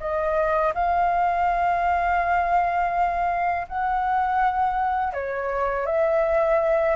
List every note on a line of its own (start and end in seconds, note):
0.00 0.73 D#5
0.75 3.67 F5
3.68 5.13 F#5
5.13 5.86 C#5
5.86 6.96 E5